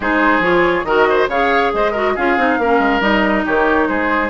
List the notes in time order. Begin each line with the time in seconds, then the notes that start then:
0.00 G#3 D#4 G#4 C5
0.39 F3 F4 C#5
0.84 D#3 F#4 A#4 D#5
1.09 C5
1.28 C#3 G#4 C#5 F5
1.73 G#3 C5 D#5
1.91 F#4 A#4
2.15 C#4 F4 G#4 F5
2.37 C4 D#4
2.58 A#3 C#4 A#4
2.79 G#3
3.00 G3 D#4 D#5
3.44 D#3 G4 C#5
3.87 G#3 G#4 C5